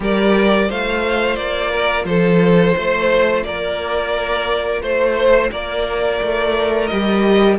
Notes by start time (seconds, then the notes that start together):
0.00 G3 G4 A#4 D5
0.68 A3 F4 C5 F5
1.36 A#3 D5
1.70 A#4
2.05 F3 A4 C5
2.76 A3 C5
3.43 A#3 A#4 D5
4.82 A3 C5
5.51 A#3 A#4 D5
6.21 A3
6.86 G3 G4 D#5